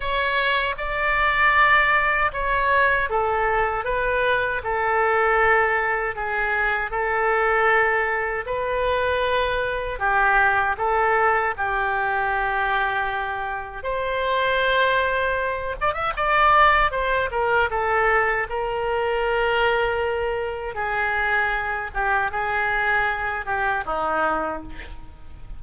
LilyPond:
\new Staff \with { instrumentName = "oboe" } { \time 4/4 \tempo 4 = 78 cis''4 d''2 cis''4 | a'4 b'4 a'2 | gis'4 a'2 b'4~ | b'4 g'4 a'4 g'4~ |
g'2 c''2~ | c''8 d''16 e''16 d''4 c''8 ais'8 a'4 | ais'2. gis'4~ | gis'8 g'8 gis'4. g'8 dis'4 | }